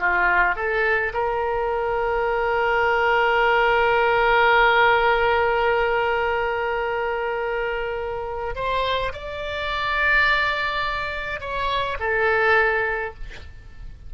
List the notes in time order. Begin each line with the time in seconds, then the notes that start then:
0.00 F4
0.56 A4
1.14 A#4
8.56 C5
9.14 D5
11.41 C#5
12.00 A4